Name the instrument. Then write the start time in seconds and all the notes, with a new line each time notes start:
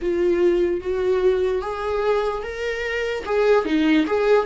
viola
0.01 F4
0.80 F#4
1.61 G#4
2.43 A#4
3.25 G#4
3.65 D#4
4.06 G#4